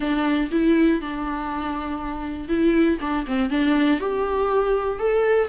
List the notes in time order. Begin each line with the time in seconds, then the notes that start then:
0.00 D4
0.51 E4
1.01 D4
2.48 E4
3.00 D4
3.26 C4
3.50 D4
4.00 G4
4.99 A4